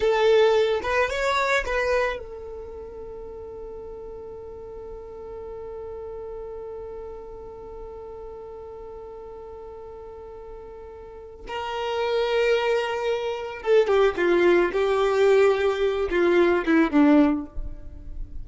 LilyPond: \new Staff \with { instrumentName = "violin" } { \time 4/4 \tempo 4 = 110 a'4. b'8 cis''4 b'4 | a'1~ | a'1~ | a'1~ |
a'1~ | a'4 ais'2.~ | ais'4 a'8 g'8 f'4 g'4~ | g'4. f'4 e'8 d'4 | }